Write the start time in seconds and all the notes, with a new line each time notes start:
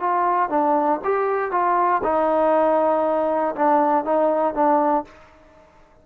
0.00 F4
0.50 D4
1.04 G4
1.51 F4
2.04 D#4
3.56 D4
4.05 D#4
4.54 D4